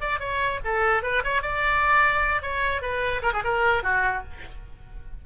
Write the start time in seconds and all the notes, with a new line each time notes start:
0.00 D5
0.19 C#5
0.64 A4
1.03 B4
1.24 C#5
1.42 D5
2.42 C#5
2.81 B4
3.22 A#4
3.33 G#4
3.44 A#4
3.83 F#4